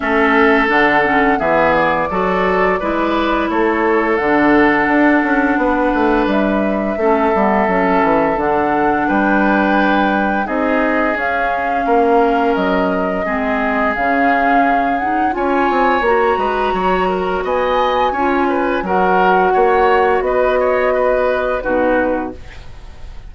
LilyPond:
<<
  \new Staff \with { instrumentName = "flute" } { \time 4/4 \tempo 4 = 86 e''4 fis''4 e''8 d''4.~ | d''4 cis''4 fis''2~ | fis''4 e''2. | fis''4 g''2 dis''4 |
f''2 dis''2 | f''4. fis''8 gis''4 ais''4~ | ais''4 gis''2 fis''4~ | fis''4 dis''2 b'4 | }
  \new Staff \with { instrumentName = "oboe" } { \time 4/4 a'2 gis'4 a'4 | b'4 a'2. | b'2 a'2~ | a'4 b'2 gis'4~ |
gis'4 ais'2 gis'4~ | gis'2 cis''4. b'8 | cis''8 ais'8 dis''4 cis''8 b'8 ais'4 | cis''4 b'8 cis''8 b'4 fis'4 | }
  \new Staff \with { instrumentName = "clarinet" } { \time 4/4 cis'4 d'8 cis'8 b4 fis'4 | e'2 d'2~ | d'2 cis'8 b8 cis'4 | d'2. dis'4 |
cis'2. c'4 | cis'4. dis'8 f'4 fis'4~ | fis'2 f'4 fis'4~ | fis'2. dis'4 | }
  \new Staff \with { instrumentName = "bassoon" } { \time 4/4 a4 d4 e4 fis4 | gis4 a4 d4 d'8 cis'8 | b8 a8 g4 a8 g8 fis8 e8 | d4 g2 c'4 |
cis'4 ais4 fis4 gis4 | cis2 cis'8 c'8 ais8 gis8 | fis4 b4 cis'4 fis4 | ais4 b2 b,4 | }
>>